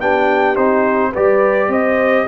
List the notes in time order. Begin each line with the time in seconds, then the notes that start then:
0.00 B3 D4 G4 G5
0.55 C4 D#4 C5
1.11 G3 G4 B4 D5
1.68 C4 C5 D#5